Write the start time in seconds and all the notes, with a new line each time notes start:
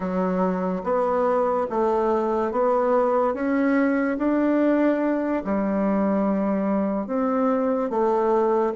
0.00 F#3
0.83 B3
1.70 A3
2.51 B3
3.33 C#4
4.18 D4
5.44 G3
7.06 C4
7.89 A3